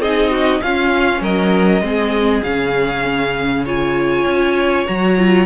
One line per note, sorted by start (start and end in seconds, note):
0.00 0.61 C4
0.00 0.61 D#4
0.00 0.31 G#4
0.00 0.62 D#5
0.31 0.61 F#4
0.61 1.82 C#4
0.61 1.21 C#4
0.61 1.22 F4
0.61 1.22 F5
1.21 1.81 F#3
1.21 1.83 A#4
1.21 2.43 D#5
1.81 2.42 G#3
1.81 2.43 C4
1.81 3.65 G#4
2.43 4.26 C#3
2.43 3.66 C#4
2.43 3.65 F5
3.65 4.87 F4
3.65 5.46 C#5
3.65 4.87 G#5
4.26 4.86 C#4
4.87 5.46 F#3
4.87 5.17 F#4
4.87 5.46 A#5
5.18 5.46 F4